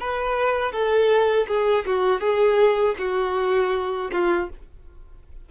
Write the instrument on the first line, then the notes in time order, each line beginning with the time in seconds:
violin
0.00 B4
0.72 A4
1.48 G#4
1.86 F#4
2.20 G#4
2.98 F#4
4.12 F4